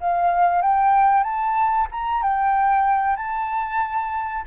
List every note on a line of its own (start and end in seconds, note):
0.00 0.62 F5
0.62 1.24 G5
1.24 1.87 A5
1.91 2.23 A#5
2.23 3.17 G5
3.17 4.44 A5